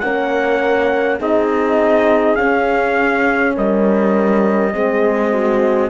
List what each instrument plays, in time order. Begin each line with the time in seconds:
0.00 cello A#3, horn C#4 A#4, trumpet F#5
1.20 cello C4, horn D#4 G#4, trumpet D#5
2.36 horn C#4, cello C#4, trumpet F5
3.57 cello G3, horn A#4, trumpet D#5
4.74 cello G#3, horn C4 G#4
5.32 horn F#4